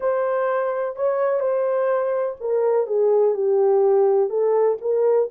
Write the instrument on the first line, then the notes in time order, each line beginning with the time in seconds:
horn
0.00 C5
0.95 C#5
1.40 C5
2.40 A#4
2.87 G#4
3.34 G4
4.29 A4
4.81 A#4